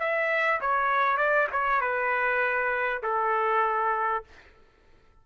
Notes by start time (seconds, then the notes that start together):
0.00 E5
0.61 C#5
1.18 D5
1.53 C#5
1.82 B4
3.03 A4